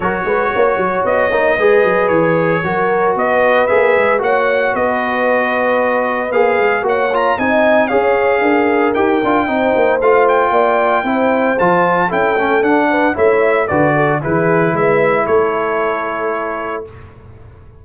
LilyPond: <<
  \new Staff \with { instrumentName = "trumpet" } { \time 4/4 \tempo 4 = 114 cis''2 dis''2 | cis''2 dis''4 e''4 | fis''4 dis''2. | f''4 fis''8 ais''8 gis''4 f''4~ |
f''4 g''2 f''8 g''8~ | g''2 a''4 g''4 | fis''4 e''4 d''4 b'4 | e''4 cis''2. | }
  \new Staff \with { instrumentName = "horn" } { \time 4/4 ais'8 b'8 cis''2 b'4~ | b'4 ais'4 b'2 | cis''4 b'2.~ | b'4 cis''4 dis''4 cis''4 |
ais'2 c''2 | d''4 c''2 a'4~ | a'8 b'8 cis''4 b'8 a'8 gis'4 | b'4 a'2. | }
  \new Staff \with { instrumentName = "trombone" } { \time 4/4 fis'2~ fis'8 dis'8 gis'4~ | gis'4 fis'2 gis'4 | fis'1 | gis'4 fis'8 f'8 dis'4 gis'4~ |
gis'4 g'8 f'8 dis'4 f'4~ | f'4 e'4 f'4 e'8 cis'8 | d'4 e'4 fis'4 e'4~ | e'1 | }
  \new Staff \with { instrumentName = "tuba" } { \time 4/4 fis8 gis8 ais8 fis8 b8 ais8 gis8 fis8 | e4 fis4 b4 ais8 gis8 | ais4 b2. | ais8 gis8 ais4 c'4 cis'4 |
d'4 dis'8 d'8 c'8 ais8 a4 | ais4 c'4 f4 cis'8 a8 | d'4 a4 d4 e4 | gis4 a2. | }
>>